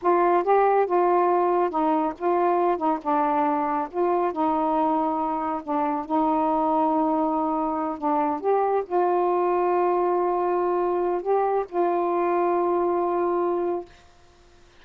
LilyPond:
\new Staff \with { instrumentName = "saxophone" } { \time 4/4 \tempo 4 = 139 f'4 g'4 f'2 | dis'4 f'4. dis'8 d'4~ | d'4 f'4 dis'2~ | dis'4 d'4 dis'2~ |
dis'2~ dis'8 d'4 g'8~ | g'8 f'2.~ f'8~ | f'2 g'4 f'4~ | f'1 | }